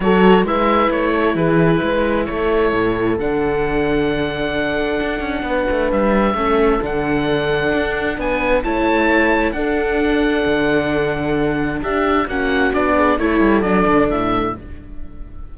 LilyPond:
<<
  \new Staff \with { instrumentName = "oboe" } { \time 4/4 \tempo 4 = 132 cis''4 e''4 cis''4 b'4~ | b'4 cis''2 fis''4~ | fis''1~ | fis''4 e''2 fis''4~ |
fis''2 gis''4 a''4~ | a''4 fis''2.~ | fis''2 e''4 fis''4 | d''4 cis''4 d''4 e''4 | }
  \new Staff \with { instrumentName = "horn" } { \time 4/4 a'4 b'4. a'8 gis'4 | b'4 a'2.~ | a'1 | b'2 a'2~ |
a'2 b'4 cis''4~ | cis''4 a'2.~ | a'2 g'4 fis'4~ | fis'8 gis'8 a'2. | }
  \new Staff \with { instrumentName = "viola" } { \time 4/4 fis'4 e'2.~ | e'2. d'4~ | d'1~ | d'2 cis'4 d'4~ |
d'2. e'4~ | e'4 d'2.~ | d'2. cis'4 | d'4 e'4 d'2 | }
  \new Staff \with { instrumentName = "cello" } { \time 4/4 fis4 gis4 a4 e4 | gis4 a4 a,4 d4~ | d2. d'8 cis'8 | b8 a8 g4 a4 d4~ |
d4 d'4 b4 a4~ | a4 d'2 d4~ | d2 d'4 ais4 | b4 a8 g8 fis8 d8 a,4 | }
>>